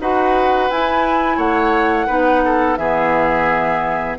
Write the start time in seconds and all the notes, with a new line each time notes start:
0.00 D#4 F#4 B4 F#5
0.70 E4 G#5
1.36 A3 C#5 F#5
2.07 B3 D#4 B4
2.45 A4
2.76 E3 B3 G#4 E5